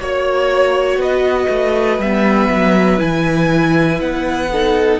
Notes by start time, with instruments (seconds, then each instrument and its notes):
0.00 cello A#3, viola F#4, violin C#5
0.96 cello B3, violin B4 D#5
1.49 cello A3
1.98 cello G3, viola B3, violin E5
2.49 cello F#3
2.98 cello E3, viola E4, violin G#5
3.99 cello B3, violin F#5
4.51 viola D#4, violin A4